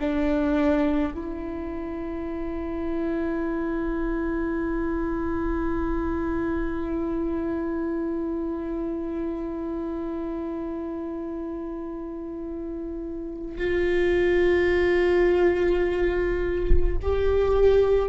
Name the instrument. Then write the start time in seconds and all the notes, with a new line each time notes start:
viola
0.00 D4
1.14 E4
13.57 F4
17.02 G4